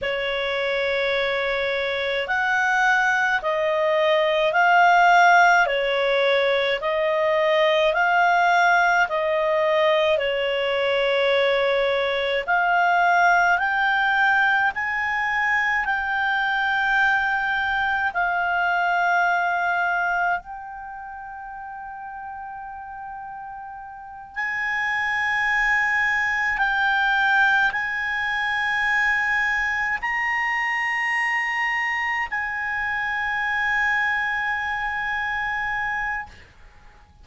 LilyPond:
\new Staff \with { instrumentName = "clarinet" } { \time 4/4 \tempo 4 = 53 cis''2 fis''4 dis''4 | f''4 cis''4 dis''4 f''4 | dis''4 cis''2 f''4 | g''4 gis''4 g''2 |
f''2 g''2~ | g''4. gis''2 g''8~ | g''8 gis''2 ais''4.~ | ais''8 gis''2.~ gis''8 | }